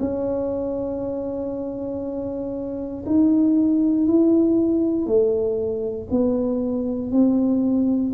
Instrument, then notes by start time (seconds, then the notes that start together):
tuba
0.00 C#4
3.06 D#4
4.07 E4
5.07 A3
6.11 B3
7.12 C4